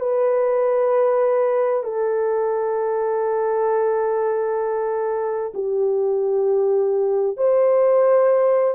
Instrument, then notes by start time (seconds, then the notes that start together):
horn
0.00 B4
1.83 A4
5.54 G4
7.37 C5